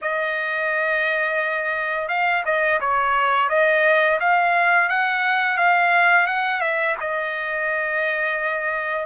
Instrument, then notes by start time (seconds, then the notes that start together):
trumpet
0.01 D#5
2.08 F5
2.45 D#5
2.80 C#5
3.49 D#5
4.20 F5
4.89 F#5
5.57 F5
6.27 F#5
6.61 E5
7.00 D#5